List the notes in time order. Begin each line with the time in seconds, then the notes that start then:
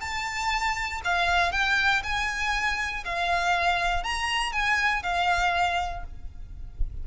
0.00 A5
1.04 F5
1.52 G5
2.03 G#5
3.05 F5
4.03 A#5
4.52 G#5
5.02 F5